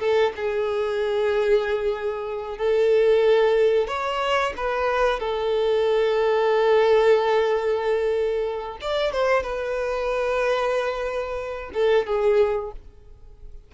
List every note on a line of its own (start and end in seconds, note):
0.00 0.33 A4
0.36 2.58 G#4
2.58 3.88 A4
3.88 4.53 C#5
4.57 5.20 B4
5.20 8.79 A4
8.82 9.13 D5
9.13 9.43 C5
9.43 11.71 B4
11.74 12.07 A4
12.07 12.72 G#4